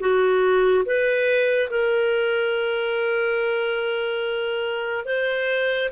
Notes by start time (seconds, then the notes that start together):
0.00 F#4
0.85 B4
1.70 A#4
5.05 C5